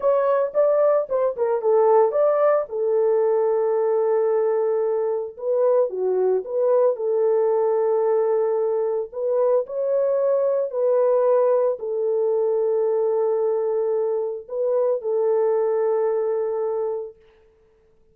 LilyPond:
\new Staff \with { instrumentName = "horn" } { \time 4/4 \tempo 4 = 112 cis''4 d''4 c''8 ais'8 a'4 | d''4 a'2.~ | a'2 b'4 fis'4 | b'4 a'2.~ |
a'4 b'4 cis''2 | b'2 a'2~ | a'2. b'4 | a'1 | }